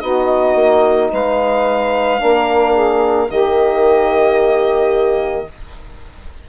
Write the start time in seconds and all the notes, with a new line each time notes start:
0.00 B3 D#4 F#4 D#5
0.55 A#3
1.12 G#3 B4 F5
2.19 A#3 D4 A#4
2.72 G#4
3.27 D#3 A#3 G4 D#5